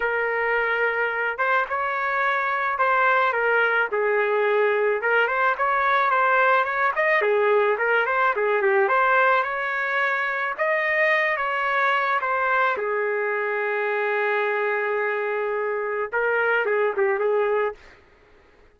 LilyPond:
\new Staff \with { instrumentName = "trumpet" } { \time 4/4 \tempo 4 = 108 ais'2~ ais'8 c''8 cis''4~ | cis''4 c''4 ais'4 gis'4~ | gis'4 ais'8 c''8 cis''4 c''4 | cis''8 dis''8 gis'4 ais'8 c''8 gis'8 g'8 |
c''4 cis''2 dis''4~ | dis''8 cis''4. c''4 gis'4~ | gis'1~ | gis'4 ais'4 gis'8 g'8 gis'4 | }